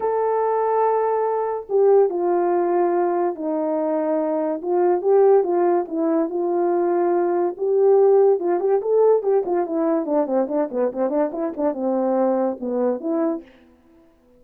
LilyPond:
\new Staff \with { instrumentName = "horn" } { \time 4/4 \tempo 4 = 143 a'1 | g'4 f'2. | dis'2. f'4 | g'4 f'4 e'4 f'4~ |
f'2 g'2 | f'8 g'8 a'4 g'8 f'8 e'4 | d'8 c'8 d'8 b8 c'8 d'8 e'8 d'8 | c'2 b4 e'4 | }